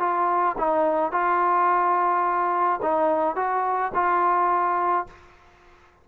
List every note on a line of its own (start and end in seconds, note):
0.00 0.56 F4
0.58 1.12 D#4
1.12 2.81 F4
2.82 3.36 D#4
3.36 3.92 F#4
3.95 5.07 F4